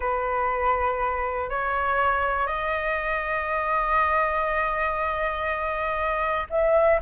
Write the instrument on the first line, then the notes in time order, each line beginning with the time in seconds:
flute
0.00 B4
1.49 C#5
2.46 D#5
6.50 E5